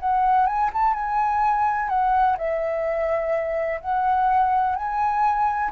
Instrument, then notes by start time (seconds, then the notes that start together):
flute
0.00 F#5
0.47 G#5
0.74 A5
0.94 G#5
1.89 F#5
2.38 E5
3.81 F#5
4.76 G#5